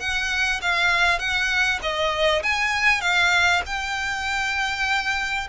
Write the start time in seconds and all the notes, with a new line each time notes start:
0.00 F#5
0.61 F5
1.19 F#5
1.82 D#5
2.43 G#5
3.01 F5
3.66 G5